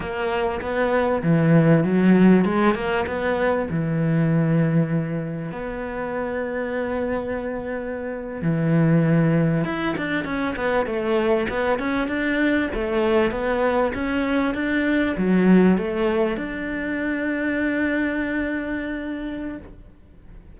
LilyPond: \new Staff \with { instrumentName = "cello" } { \time 4/4 \tempo 4 = 98 ais4 b4 e4 fis4 | gis8 ais8 b4 e2~ | e4 b2.~ | b4.~ b16 e2 e'16~ |
e'16 d'8 cis'8 b8 a4 b8 cis'8 d'16~ | d'8. a4 b4 cis'4 d'16~ | d'8. fis4 a4 d'4~ d'16~ | d'1 | }